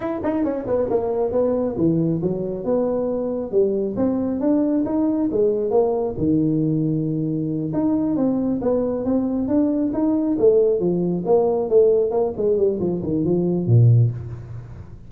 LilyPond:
\new Staff \with { instrumentName = "tuba" } { \time 4/4 \tempo 4 = 136 e'8 dis'8 cis'8 b8 ais4 b4 | e4 fis4 b2 | g4 c'4 d'4 dis'4 | gis4 ais4 dis2~ |
dis4. dis'4 c'4 b8~ | b8 c'4 d'4 dis'4 a8~ | a8 f4 ais4 a4 ais8 | gis8 g8 f8 dis8 f4 ais,4 | }